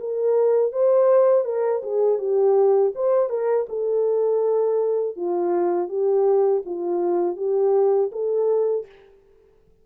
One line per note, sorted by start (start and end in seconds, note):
0.00 0.72 A#4
0.72 1.45 C5
1.45 1.82 A#4
1.83 2.19 G#4
2.19 2.93 G4
2.95 3.30 C5
3.30 3.67 A#4
3.69 5.16 A4
5.16 5.89 F4
5.89 6.63 G4
6.66 7.37 F4
7.37 8.11 G4
8.12 8.86 A4